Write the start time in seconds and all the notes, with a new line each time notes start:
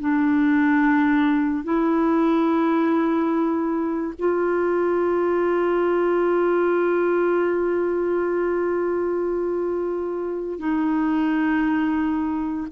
0.00 D4
1.64 E4
4.19 F4
10.59 D#4